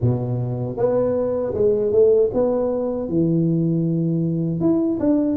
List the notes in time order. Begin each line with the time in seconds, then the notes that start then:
0.01 B2
0.77 B3
1.53 G#3
1.92 A3
2.33 B3
3.08 E3
4.60 E4
4.99 D4